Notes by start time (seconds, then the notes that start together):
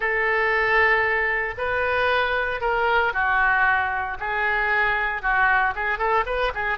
0.00 A4
1.57 B4
2.60 A#4
3.13 F#4
4.19 G#4
5.22 F#4
5.75 G#4
5.98 A4
6.26 B4
6.54 G#4